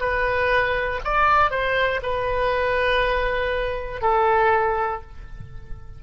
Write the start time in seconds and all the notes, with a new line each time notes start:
0.00 B4
1.04 D5
1.50 C5
2.02 B4
4.01 A4